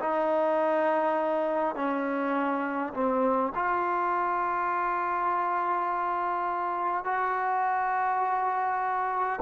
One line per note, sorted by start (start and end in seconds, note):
0.00 1.75 D#4
1.75 2.93 C#4
2.94 3.52 C4
3.55 7.04 F4
7.04 9.40 F#4